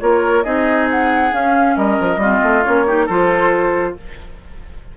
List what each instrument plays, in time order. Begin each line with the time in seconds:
0.00 bassoon A#3, clarinet F4, oboe A#4, flute C#5
0.44 bassoon C4, clarinet D#4, oboe G#4, flute D#5
0.91 flute F#5
1.32 clarinet C#4, bassoon C#4, flute F5
1.77 bassoon G3, oboe A#4, flute D#5
2.00 bassoon F3
2.17 bassoon G3, clarinet C4, oboe F4
2.44 bassoon A3
2.64 bassoon A#3, clarinet C#4, flute C#5
2.87 clarinet D#4, oboe G4
3.06 bassoon F3, clarinet F4, oboe A4, flute C5